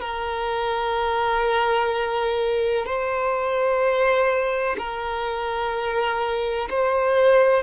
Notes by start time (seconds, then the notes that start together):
0.00 A#4
2.85 C5
4.78 A#4
6.69 C5